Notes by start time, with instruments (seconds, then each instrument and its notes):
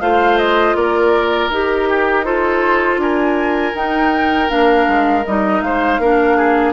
0.00 bassoon A3, clarinet F4, oboe C5, flute F5
0.37 flute D#5
0.75 bassoon A#3, oboe A#4, flute D5
1.49 bassoon D#4, clarinet G4, flute A#4
1.89 oboe G4
2.24 clarinet F4, oboe A4, flute C5
2.97 bassoon D4, oboe A#4, flute G#5
3.74 bassoon D#4, clarinet D#4, flute G5
4.48 bassoon A#3, clarinet D4, flute F5
4.87 bassoon G#3
5.25 bassoon G3, clarinet D#4, flute D#5
5.61 bassoon G#3, oboe C5, flute F5
5.98 bassoon A#3, clarinet D4, oboe A#4
6.37 oboe G#4